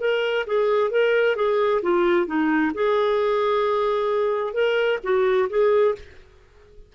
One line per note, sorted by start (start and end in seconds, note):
0.00 0.45 A#4
0.46 0.90 G#4
0.90 1.36 A#4
1.36 1.81 G#4
1.82 2.26 F4
2.26 2.72 D#4
2.74 4.53 G#4
4.53 4.99 A#4
5.03 5.49 F#4
5.49 5.95 G#4